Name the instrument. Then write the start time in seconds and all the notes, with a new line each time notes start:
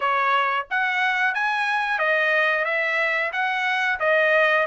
trumpet
0.00 C#5
0.70 F#5
1.34 G#5
1.98 D#5
2.65 E5
3.32 F#5
3.99 D#5